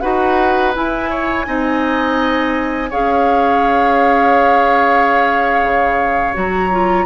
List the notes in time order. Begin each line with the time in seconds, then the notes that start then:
0.00 D#4 F#4 B4 F#5
0.74 E4 G#5
1.09 C#5
1.45 C4 D#4 D#5
2.89 C#4 G#4 C#5 F5
5.62 C#3
6.34 F#3 F#4 A#5
6.71 F4